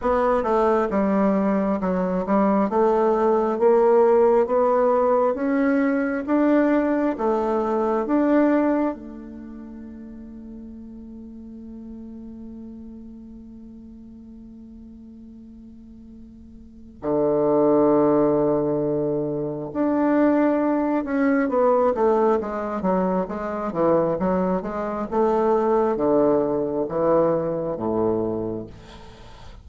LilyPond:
\new Staff \with { instrumentName = "bassoon" } { \time 4/4 \tempo 4 = 67 b8 a8 g4 fis8 g8 a4 | ais4 b4 cis'4 d'4 | a4 d'4 a2~ | a1~ |
a2. d4~ | d2 d'4. cis'8 | b8 a8 gis8 fis8 gis8 e8 fis8 gis8 | a4 d4 e4 a,4 | }